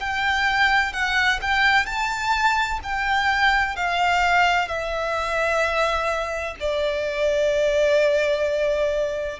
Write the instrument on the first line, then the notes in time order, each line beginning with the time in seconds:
violin
0.00 G5
0.93 F#5
1.41 G5
1.86 A5
2.83 G5
3.76 F5
4.68 E5
6.60 D5